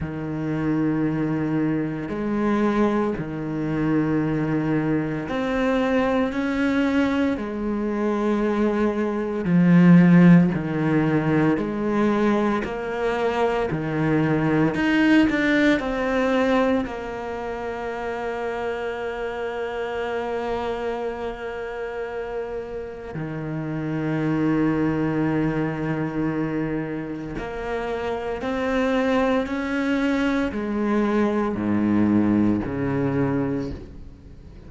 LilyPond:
\new Staff \with { instrumentName = "cello" } { \time 4/4 \tempo 4 = 57 dis2 gis4 dis4~ | dis4 c'4 cis'4 gis4~ | gis4 f4 dis4 gis4 | ais4 dis4 dis'8 d'8 c'4 |
ais1~ | ais2 dis2~ | dis2 ais4 c'4 | cis'4 gis4 gis,4 cis4 | }